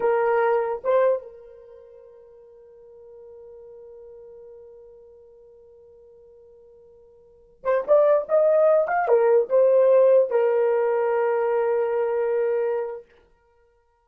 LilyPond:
\new Staff \with { instrumentName = "horn" } { \time 4/4 \tempo 4 = 147 ais'2 c''4 ais'4~ | ais'1~ | ais'1~ | ais'1~ |
ais'2~ ais'8. c''8 d''8.~ | d''16 dis''4. f''8 ais'4 c''8.~ | c''4~ c''16 ais'2~ ais'8.~ | ais'1 | }